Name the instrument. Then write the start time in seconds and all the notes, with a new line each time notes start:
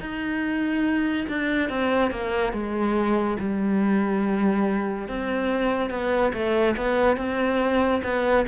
cello
0.00 D#4
1.29 D4
1.69 C4
2.11 A#3
2.53 G#3
3.39 G3
5.08 C4
5.90 B3
6.33 A3
6.77 B3
7.17 C4
8.04 B3